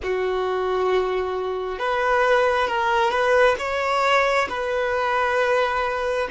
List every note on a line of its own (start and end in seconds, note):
0.03 1.78 F#4
1.78 2.67 B4
2.67 3.10 A#4
3.10 3.55 B4
3.58 4.48 C#5
4.49 6.28 B4